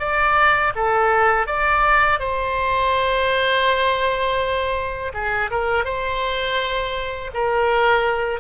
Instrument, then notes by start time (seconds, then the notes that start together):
oboe
0.00 D5
0.75 A4
1.47 D5
2.20 C5
5.14 G#4
5.51 A#4
5.85 C5
7.34 A#4